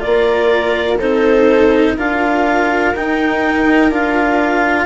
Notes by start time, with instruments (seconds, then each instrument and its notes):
0.00 bassoon A#3, cello F4, viola A#4, clarinet D5
0.98 bassoon C4, cello D#4, viola A4, clarinet C5
1.96 bassoon D4, cello F4, viola A#4, clarinet F5
2.94 bassoon D#4, cello D#4, clarinet G5
3.89 bassoon D4, cello F4, clarinet F5